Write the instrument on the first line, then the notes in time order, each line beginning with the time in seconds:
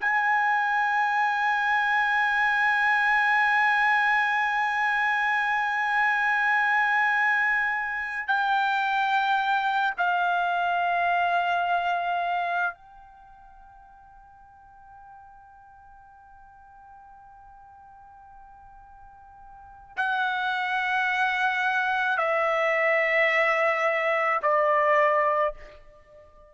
trumpet
0.00 G#5
8.27 G5
9.97 F5
12.74 G5
19.96 F#5
22.17 E5
24.42 D5